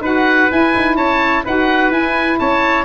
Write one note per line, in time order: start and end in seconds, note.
0.00 0.47 D#4
0.00 0.50 F#4
0.00 0.96 B4
0.00 0.51 F#5
0.50 1.45 E4
0.50 0.75 E4
0.50 0.96 G#5
0.75 0.97 D#4
0.96 1.44 C#4
0.96 1.43 C#5
0.96 1.44 A5
1.44 1.90 D#4
1.44 1.93 F#4
1.44 2.39 B4
1.44 1.92 F#5
1.90 2.37 E4
1.90 2.85 E4
1.90 2.39 G#5
2.39 2.85 C#4
2.39 2.85 C#5
2.39 2.85 A5